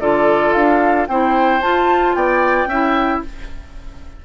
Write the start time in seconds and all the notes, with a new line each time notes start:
0.00 D3 F4 A4 D5
0.53 D4 F5
1.08 C4 E4 C5 G5
1.61 F4 A5
2.15 B3 D5 G5
2.66 C#4 E4 E5